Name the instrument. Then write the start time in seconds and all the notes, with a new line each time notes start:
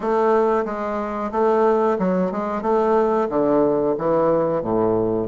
bassoon
0.00 A3
0.65 G#3
1.31 A3
1.98 F#3
2.31 G#3
2.62 A3
3.29 D3
3.98 E3
4.62 A2